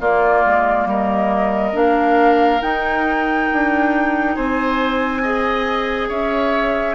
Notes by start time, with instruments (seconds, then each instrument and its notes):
0.00 bassoon A#3, clarinet A#3, oboe F4, flute D5
0.45 bassoon G#3
0.86 bassoon G3, oboe A#4, flute D#5
1.73 bassoon A#3, clarinet D4, flute F5
2.61 bassoon D#4, clarinet D#4, flute G5
3.53 bassoon D4
4.35 bassoon C4, oboe C5, flute G#5
5.22 clarinet G#4, oboe D#5
6.08 bassoon C#4, oboe C#5, flute E5